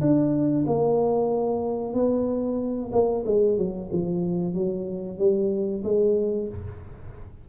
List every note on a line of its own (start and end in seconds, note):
0.00 0.65 D4
0.66 1.93 A#3
1.93 2.90 B3
2.92 3.24 A#3
3.25 3.57 G#3
3.57 3.89 F#3
3.92 4.54 F3
4.54 5.18 F#3
5.18 5.82 G3
5.83 6.48 G#3